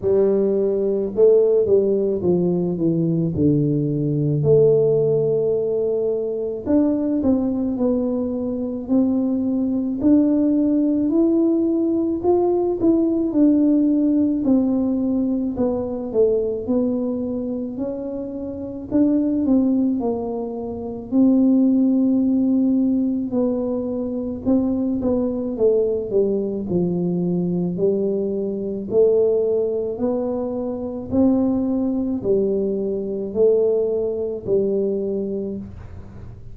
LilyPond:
\new Staff \with { instrumentName = "tuba" } { \time 4/4 \tempo 4 = 54 g4 a8 g8 f8 e8 d4 | a2 d'8 c'8 b4 | c'4 d'4 e'4 f'8 e'8 | d'4 c'4 b8 a8 b4 |
cis'4 d'8 c'8 ais4 c'4~ | c'4 b4 c'8 b8 a8 g8 | f4 g4 a4 b4 | c'4 g4 a4 g4 | }